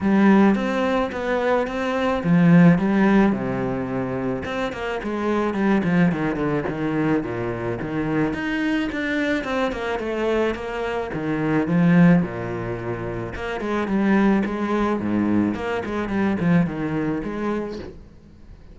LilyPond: \new Staff \with { instrumentName = "cello" } { \time 4/4 \tempo 4 = 108 g4 c'4 b4 c'4 | f4 g4 c2 | c'8 ais8 gis4 g8 f8 dis8 d8 | dis4 ais,4 dis4 dis'4 |
d'4 c'8 ais8 a4 ais4 | dis4 f4 ais,2 | ais8 gis8 g4 gis4 gis,4 | ais8 gis8 g8 f8 dis4 gis4 | }